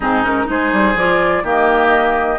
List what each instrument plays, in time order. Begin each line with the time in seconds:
0.00 bassoon G#2, clarinet C4, oboe D#4, flute G#4
0.22 clarinet C#4, flute A#4
0.45 bassoon G#3, clarinet D#4, oboe G#4, flute C5
0.72 bassoon G3
0.94 bassoon F3, clarinet F4, flute D5
1.43 bassoon D#3, clarinet A#3, oboe G4, flute D#5